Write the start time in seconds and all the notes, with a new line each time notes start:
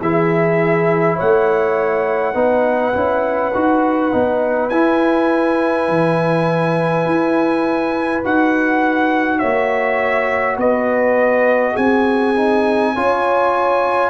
0.00 E3 E4 G#4 E5
1.16 A3 C#5 F#5
2.34 B3 D#4 B4
2.93 C#4 E4
3.54 D#4 F#4
4.11 B3 D#4
4.69 E4 G#5
5.88 E3
7.05 E4
8.23 D#4 F#4 F#5
9.38 A#3 C#5 E5
10.57 B3 B4 D#5
11.72 C4 G#4 G#5
12.36 D#4
12.94 C#4 F4 C#5